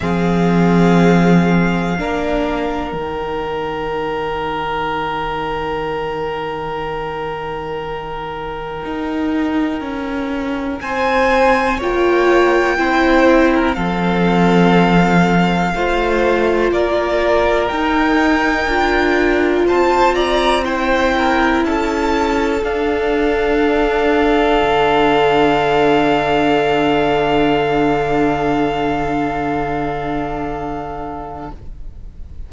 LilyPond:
<<
  \new Staff \with { instrumentName = "violin" } { \time 4/4 \tempo 4 = 61 f''2. g''4~ | g''1~ | g''2. gis''4 | g''2 f''2~ |
f''4 d''4 g''2 | a''8 ais''8 g''4 a''4 f''4~ | f''1~ | f''1 | }
  \new Staff \with { instrumentName = "violin" } { \time 4/4 gis'2 ais'2~ | ais'1~ | ais'2. c''4 | cis''4 c''8. ais'16 a'2 |
c''4 ais'2. | c''8 d''8 c''8 ais'8 a'2~ | a'1~ | a'1 | }
  \new Staff \with { instrumentName = "viola" } { \time 4/4 c'2 d'4 dis'4~ | dis'1~ | dis'1 | f'4 e'4 c'2 |
f'2 dis'4 f'4~ | f'4 e'2 d'4~ | d'1~ | d'1 | }
  \new Staff \with { instrumentName = "cello" } { \time 4/4 f2 ais4 dis4~ | dis1~ | dis4 dis'4 cis'4 c'4 | ais4 c'4 f2 |
a4 ais4 dis'4 d'4 | c'2 cis'4 d'4~ | d'4 d2.~ | d1 | }
>>